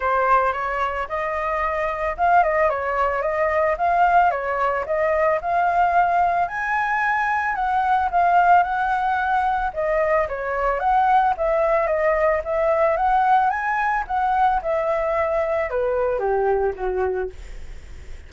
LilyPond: \new Staff \with { instrumentName = "flute" } { \time 4/4 \tempo 4 = 111 c''4 cis''4 dis''2 | f''8 dis''8 cis''4 dis''4 f''4 | cis''4 dis''4 f''2 | gis''2 fis''4 f''4 |
fis''2 dis''4 cis''4 | fis''4 e''4 dis''4 e''4 | fis''4 gis''4 fis''4 e''4~ | e''4 b'4 g'4 fis'4 | }